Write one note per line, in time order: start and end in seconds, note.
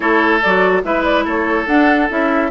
0.00 0.42 A3
0.00 0.40 E4
0.00 0.82 A4
0.00 0.41 C#5
0.41 0.84 F#3
0.41 0.83 F#4
0.41 0.83 D5
0.83 1.25 G#3
0.83 1.67 E4
0.83 1.24 B4
0.83 1.03 E5
1.03 1.24 D5
1.24 1.67 A3
1.24 2.50 A4
1.24 1.67 C#5
1.67 2.09 D4
1.67 2.09 F#5
2.09 2.51 C#4
2.09 2.51 E4
2.09 2.51 E5